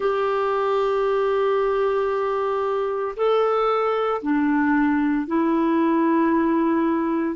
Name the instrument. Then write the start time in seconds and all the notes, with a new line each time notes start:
clarinet
0.00 G4
3.16 A4
4.22 D4
5.27 E4